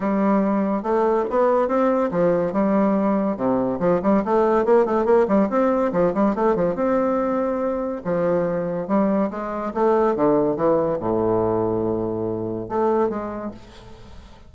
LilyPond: \new Staff \with { instrumentName = "bassoon" } { \time 4/4 \tempo 4 = 142 g2 a4 b4 | c'4 f4 g2 | c4 f8 g8 a4 ais8 a8 | ais8 g8 c'4 f8 g8 a8 f8 |
c'2. f4~ | f4 g4 gis4 a4 | d4 e4 a,2~ | a,2 a4 gis4 | }